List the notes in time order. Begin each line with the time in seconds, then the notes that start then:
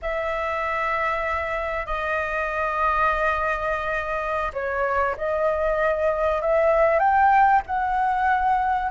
0.02 E5
1.86 D#5
4.53 C#5
5.17 D#5
6.41 E5
6.99 G5
7.66 F#5